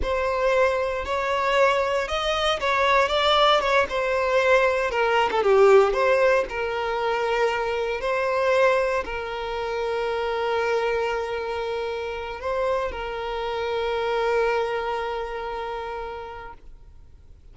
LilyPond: \new Staff \with { instrumentName = "violin" } { \time 4/4 \tempo 4 = 116 c''2 cis''2 | dis''4 cis''4 d''4 cis''8 c''8~ | c''4. ais'8. a'16 g'4 c''8~ | c''8 ais'2. c''8~ |
c''4. ais'2~ ais'8~ | ais'1 | c''4 ais'2.~ | ais'1 | }